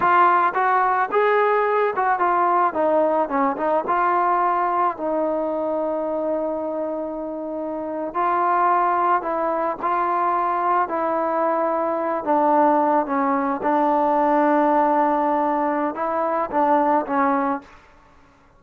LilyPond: \new Staff \with { instrumentName = "trombone" } { \time 4/4 \tempo 4 = 109 f'4 fis'4 gis'4. fis'8 | f'4 dis'4 cis'8 dis'8 f'4~ | f'4 dis'2.~ | dis'2~ dis'8. f'4~ f'16~ |
f'8. e'4 f'2 e'16~ | e'2~ e'16 d'4. cis'16~ | cis'8. d'2.~ d'16~ | d'4 e'4 d'4 cis'4 | }